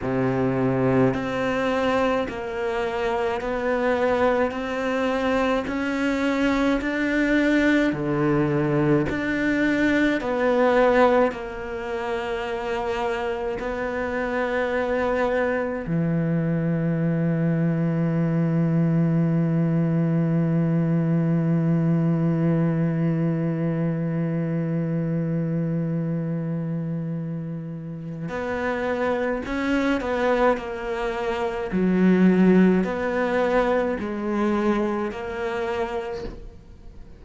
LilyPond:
\new Staff \with { instrumentName = "cello" } { \time 4/4 \tempo 4 = 53 c4 c'4 ais4 b4 | c'4 cis'4 d'4 d4 | d'4 b4 ais2 | b2 e2~ |
e1~ | e1~ | e4 b4 cis'8 b8 ais4 | fis4 b4 gis4 ais4 | }